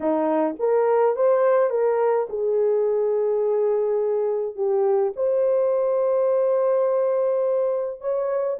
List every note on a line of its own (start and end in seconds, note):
0.00 0.55 D#4
0.59 1.16 A#4
1.16 1.70 C5
1.70 2.27 A#4
2.29 4.55 G#4
4.55 5.12 G4
5.16 8.01 C5
8.01 8.58 C#5